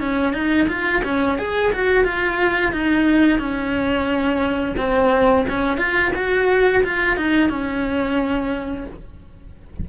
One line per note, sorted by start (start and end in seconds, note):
0.00 0.33 C#4
0.33 0.67 D#4
0.68 1.02 F4
1.04 1.38 C#4
1.38 1.72 G#4
1.73 2.04 F#4
2.04 2.72 F4
2.72 3.39 D#4
3.39 4.75 C#4
4.77 5.45 C4
5.49 5.77 C#4
5.77 6.11 F4
6.15 6.83 F#4
6.84 7.16 F4
7.16 7.49 D#4
7.49 8.86 C#4